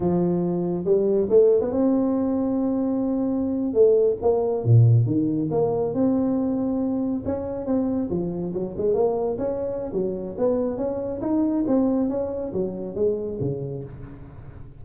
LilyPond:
\new Staff \with { instrumentName = "tuba" } { \time 4/4 \tempo 4 = 139 f2 g4 a8. b16 | c'1~ | c'8. a4 ais4 ais,4 dis16~ | dis8. ais4 c'2~ c'16~ |
c'8. cis'4 c'4 f4 fis16~ | fis16 gis8 ais4 cis'4~ cis'16 fis4 | b4 cis'4 dis'4 c'4 | cis'4 fis4 gis4 cis4 | }